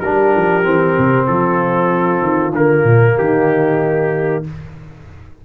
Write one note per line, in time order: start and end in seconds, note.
0.00 0.35 G3
0.00 0.63 D4
0.00 1.27 G4
0.00 1.26 A#4
0.36 0.65 F3
0.63 0.97 E3
0.63 2.52 C4
0.98 1.28 C3
1.27 2.21 F3
1.27 3.16 F4
1.27 2.53 A4
2.21 2.52 D#3
2.52 2.83 D3
2.52 4.44 A#3
2.52 3.18 A#4
2.83 3.15 A#2
3.17 4.45 D#3
3.17 4.43 D#4
3.17 4.44 G4